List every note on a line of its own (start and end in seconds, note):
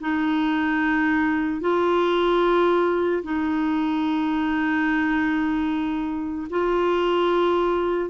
0.00 1.60 D#4
1.60 3.22 F4
3.23 6.47 D#4
6.50 8.09 F4